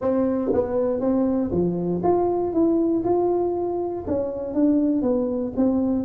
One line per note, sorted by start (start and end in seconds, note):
0.01 0.51 C4
0.53 1.00 B3
1.00 1.50 C4
1.51 2.01 F3
2.03 2.53 F4
2.53 3.03 E4
3.04 4.05 F4
4.07 4.54 C#4
4.54 5.02 D4
5.02 5.52 B3
5.56 6.04 C4